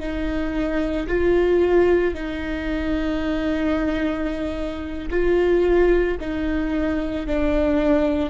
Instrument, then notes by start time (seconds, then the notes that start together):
viola
0.00 D#4
1.08 F4
2.14 D#4
5.10 F4
6.20 D#4
7.27 D4